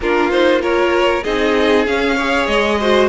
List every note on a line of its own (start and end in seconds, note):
0.00 1.23 A#3
0.00 0.32 D4
0.00 0.62 F4
0.00 0.30 A#4
0.30 0.59 D#4
0.30 0.61 C5
0.59 1.21 F4
0.59 1.23 A#4
0.59 1.23 C#5
1.23 1.86 C4
1.23 1.86 D#4
1.23 2.15 G#4
1.23 1.85 D#5
1.86 2.47 C#4
1.86 2.17 C#4
1.86 2.47 F5
2.15 2.80 G#4
2.15 2.77 C#5
2.47 3.08 G#3
2.47 3.08 D#5
2.80 3.08 F#4
2.80 3.08 C5